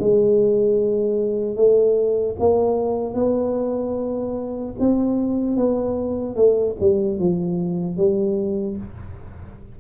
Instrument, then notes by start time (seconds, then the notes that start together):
tuba
0.00 G#3
1.56 A3
2.40 A#3
3.15 B3
4.80 C4
5.57 B3
6.36 A3
6.81 G3
7.20 F3
7.97 G3